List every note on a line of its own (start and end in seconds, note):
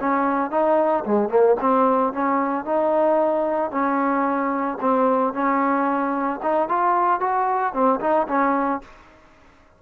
0.00 0.51 C#4
0.51 1.05 D#4
1.05 1.29 G#3
1.29 1.56 A#3
1.61 2.13 C4
2.13 2.65 C#4
2.65 3.71 D#4
3.71 4.78 C#4
4.81 5.34 C4
5.34 6.41 C#4
6.43 6.69 D#4
6.69 7.21 F4
7.21 7.74 F#4
7.74 8.00 C4
8.00 8.27 D#4
8.28 8.82 C#4